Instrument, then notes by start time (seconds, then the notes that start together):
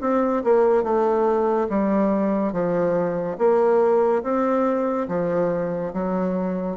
bassoon
0.00 C4
0.43 A#3
0.83 A3
1.69 G3
2.52 F3
3.38 A#3
4.23 C4
5.08 F3
5.93 F#3